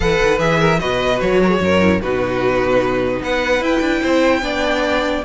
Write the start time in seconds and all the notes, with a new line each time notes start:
0.00 E3 A4 B4 F#5
0.22 D#3
0.38 E3 G#4 E5
0.59 A#4
0.79 B2 F#4 B4 D#5
1.20 F#3 C#5
1.42 A#4
1.49 G#4
1.60 F#2 A#4
1.80 E4
2.01 B2 D#4 F#4 B4
3.21 B3 B4 F#5
3.60 E4 G5
3.80 D4
4.00 C4 C5
4.42 B3 D4 D5